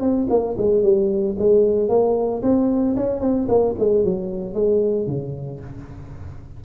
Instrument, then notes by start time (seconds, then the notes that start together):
tuba
0.00 C4
0.29 A#3
0.57 G#3
0.83 G3
1.38 G#3
1.89 A#3
2.43 C4
2.96 C#4
3.21 C4
3.48 A#3
3.78 G#3
4.05 F#3
4.54 G#3
5.07 C#3